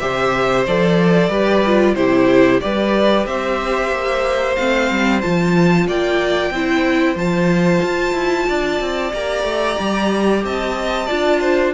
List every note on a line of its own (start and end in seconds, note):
0.00 0.67 C3
0.00 0.66 G4
0.00 1.30 C5
0.00 0.65 E5
0.67 1.29 F3
0.67 1.31 A4
0.67 1.96 D5
1.29 1.94 G3
1.29 1.63 G4
1.29 1.95 B4
1.66 1.97 F4
1.96 2.61 C3
1.96 2.61 E4
1.96 2.62 G4
1.96 2.61 C5
2.61 3.27 G3
2.61 4.57 G4
2.61 3.28 B4
2.61 3.26 D5
3.27 3.92 C4
3.27 5.87 C5
3.27 4.56 E5
3.92 4.57 A#3
4.56 4.91 A3
4.56 5.23 C4
4.56 5.21 F5
4.91 5.24 G3
5.22 5.88 F3
5.22 6.53 F4
5.22 5.87 A5
5.87 6.51 A#3
5.87 6.53 D5
5.87 7.18 G5
6.51 7.16 C4
6.51 7.16 E4
6.51 8.49 C5
7.16 7.81 F3
7.16 9.12 F4
7.16 9.14 A5
7.83 8.14 F4
8.14 8.46 E4
8.49 8.81 D4
8.49 10.45 D5
8.81 9.13 C4
9.14 9.44 A#3
9.14 11.08 G4
9.14 10.45 A#5
9.44 9.76 A3
9.80 10.44 G3
10.44 11.10 C4
10.44 11.07 D#5
10.44 11.74 A5
11.07 11.74 D4
11.07 11.74 F4
11.07 11.40 D5
11.41 11.74 C5